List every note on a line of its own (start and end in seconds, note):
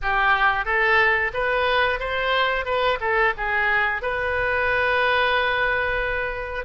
0.02 0.65 G4
0.65 1.32 A4
1.33 1.99 B4
1.99 2.65 C5
2.65 2.98 B4
3.00 3.33 A4
3.37 4.02 G#4
4.02 6.65 B4